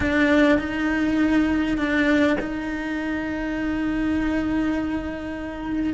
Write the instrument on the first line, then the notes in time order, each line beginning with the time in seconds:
cello
0.00 D4
0.58 D#4
1.77 D4
2.40 D#4